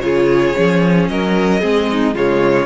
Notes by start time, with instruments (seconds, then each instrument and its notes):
0.00 cello C#3, viola F4, violin G#4 C#5
0.55 cello F3, viola C#4
1.08 cello F#3, violin A#4 D#5
1.60 cello G#3, viola C4, violin G#4
1.91 violin D#4
2.14 cello C#3, viola G#3, violin F4 C#5